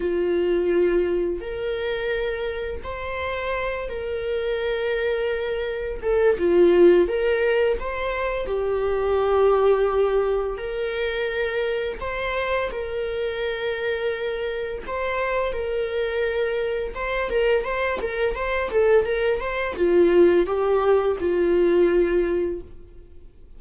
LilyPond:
\new Staff \with { instrumentName = "viola" } { \time 4/4 \tempo 4 = 85 f'2 ais'2 | c''4. ais'2~ ais'8~ | ais'8 a'8 f'4 ais'4 c''4 | g'2. ais'4~ |
ais'4 c''4 ais'2~ | ais'4 c''4 ais'2 | c''8 ais'8 c''8 ais'8 c''8 a'8 ais'8 c''8 | f'4 g'4 f'2 | }